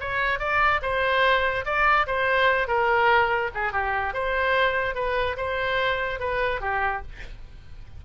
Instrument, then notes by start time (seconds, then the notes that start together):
oboe
0.00 C#5
0.39 D5
0.82 C5
1.65 D5
2.07 C5
2.68 A#4
3.54 G#4
3.72 G4
4.14 C5
4.95 B4
5.37 C5
6.20 B4
6.61 G4